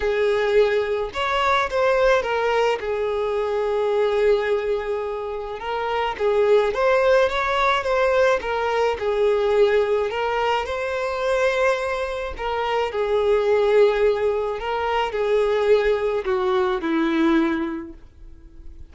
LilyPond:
\new Staff \with { instrumentName = "violin" } { \time 4/4 \tempo 4 = 107 gis'2 cis''4 c''4 | ais'4 gis'2.~ | gis'2 ais'4 gis'4 | c''4 cis''4 c''4 ais'4 |
gis'2 ais'4 c''4~ | c''2 ais'4 gis'4~ | gis'2 ais'4 gis'4~ | gis'4 fis'4 e'2 | }